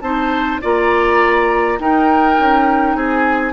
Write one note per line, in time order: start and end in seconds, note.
0.00 0.60 C4
0.00 0.61 D#4
0.00 0.61 C5
0.00 0.59 A5
0.61 1.78 A#3
0.61 1.78 F4
0.61 1.79 D5
0.61 1.80 A#5
1.78 2.37 D#4
1.78 3.53 D#4
1.78 2.96 A#4
1.78 2.96 G5
2.39 2.94 C#4
2.94 3.53 C4
2.94 3.53 G#4
2.94 3.53 G#5